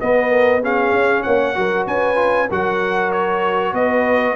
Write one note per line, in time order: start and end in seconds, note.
0.00 0.62 B3
0.00 0.91 B3
0.00 0.30 B4
0.00 0.63 D#5
0.30 0.61 A#4
0.62 1.55 C#4
0.62 1.24 G#4
0.62 1.23 F5
0.91 1.23 C#4
1.23 1.57 A#3
1.23 1.55 C#5
1.23 1.85 F#5
1.55 1.87 F#3
1.55 2.15 F#4
1.55 1.86 A#4
1.86 2.49 C#4
1.86 2.49 B4
1.86 2.50 G#5
2.15 2.47 F4
2.49 3.73 F#3
2.49 4.36 F#4
2.49 3.74 A#4
2.49 3.12 F#5
3.12 3.74 C#5
3.73 4.36 B3
3.73 4.36 B4
3.73 4.36 D#5